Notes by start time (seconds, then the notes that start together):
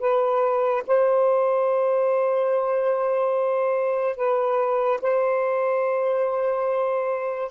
0.00 B4
0.87 C5
4.17 B4
5.02 C5